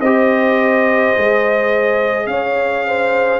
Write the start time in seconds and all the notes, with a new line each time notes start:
0.00 C4 G4 C5 D#5
1.16 G#3 G#4
2.27 C#4 C#5 F5
2.87 C5